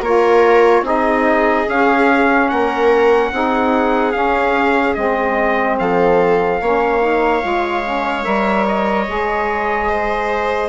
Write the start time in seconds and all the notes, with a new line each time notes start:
0.00 A#3 F4 A#4 C#5
0.82 C4 D#4 G#4 D#5
1.68 C#4 F5
2.48 A#3 A#4 F#5
3.32 C4 D#4 G#4
4.11 C#4 F5
4.94 G#3 C4 D#5
5.78 F3 A4 F5
6.61 A#3 C#4 C#5
7.01 D#4
7.41 G#3 F4
7.83 C#4
8.23 G3 A#4 E5
8.67 D#5
9.08 G#3 G#4
9.89 C5